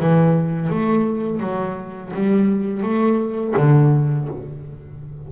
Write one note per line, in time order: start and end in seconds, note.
0.00 0.70 E3
0.70 1.41 A3
1.41 2.12 F#3
2.14 2.83 G3
2.83 3.55 A3
3.57 4.29 D3